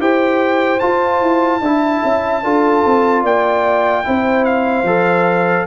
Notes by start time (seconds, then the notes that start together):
0.00 E4 G4 C5 G5
0.80 F4 A5
1.22 E4
1.61 D4 E4 E5
2.04 C#4
2.44 D4 F4 A4
2.86 C4
3.23 A#3 D5 G5
4.05 C4 E4 C5
4.45 F5
4.84 F3 A4